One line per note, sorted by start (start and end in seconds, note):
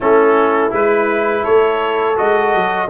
0.00 0.72 A3
0.00 0.70 C#4
0.00 1.42 E4
0.00 0.73 A4
0.70 1.44 G#3
0.70 2.15 E4
0.70 1.44 B4
1.42 2.18 A3
1.42 2.87 A4
1.42 2.16 C#5
2.15 2.54 G#3
2.15 2.88 F#4
2.15 2.89 D#5
2.54 2.89 F#3